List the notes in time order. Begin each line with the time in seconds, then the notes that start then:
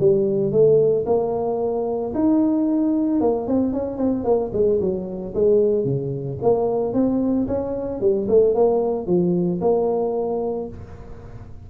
0.00 G3
0.52 A3
1.06 A#3
2.15 D#4
3.21 A#3
3.47 C4
3.73 C#4
3.98 C4
4.24 A#3
4.53 G#3
4.81 F#3
5.35 G#3
5.85 C#3
6.42 A#3
6.94 C4
7.48 C#4
8.01 G3
8.29 A3
8.55 A#3
9.07 F3
9.61 A#3